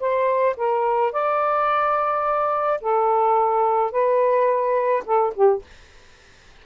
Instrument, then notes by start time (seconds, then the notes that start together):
saxophone
0.00 C5
0.57 A#4
1.12 D5
2.81 A4
3.92 B4
5.05 A4
5.34 G4